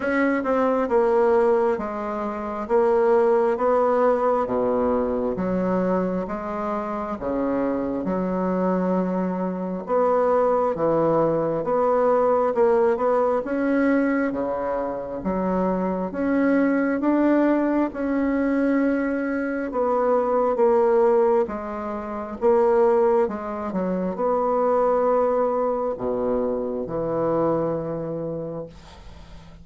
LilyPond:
\new Staff \with { instrumentName = "bassoon" } { \time 4/4 \tempo 4 = 67 cis'8 c'8 ais4 gis4 ais4 | b4 b,4 fis4 gis4 | cis4 fis2 b4 | e4 b4 ais8 b8 cis'4 |
cis4 fis4 cis'4 d'4 | cis'2 b4 ais4 | gis4 ais4 gis8 fis8 b4~ | b4 b,4 e2 | }